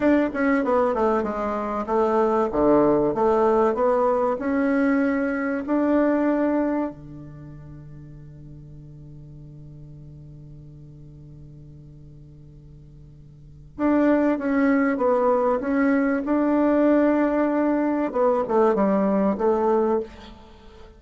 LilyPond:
\new Staff \with { instrumentName = "bassoon" } { \time 4/4 \tempo 4 = 96 d'8 cis'8 b8 a8 gis4 a4 | d4 a4 b4 cis'4~ | cis'4 d'2 d4~ | d1~ |
d1~ | d2 d'4 cis'4 | b4 cis'4 d'2~ | d'4 b8 a8 g4 a4 | }